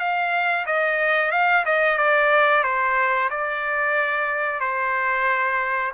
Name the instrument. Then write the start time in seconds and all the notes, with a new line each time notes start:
trumpet
0.00 F5
0.67 D#5
1.32 F5
1.66 D#5
1.98 D5
2.64 C5
3.31 D5
4.61 C5